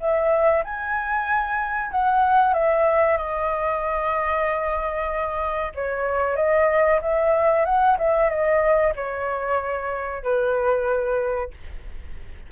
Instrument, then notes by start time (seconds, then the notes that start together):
flute
0.00 E5
0.64 G#5
1.91 F#5
2.54 E5
3.17 D#5
5.75 C#5
6.36 D#5
7.02 E5
7.66 F#5
7.98 E5
8.30 D#5
8.96 C#5
10.23 B4